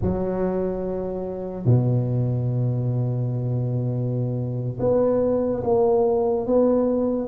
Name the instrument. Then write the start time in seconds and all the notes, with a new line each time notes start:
tuba
0.01 F#3
1.65 B2
4.79 B3
5.63 A#3
6.46 B3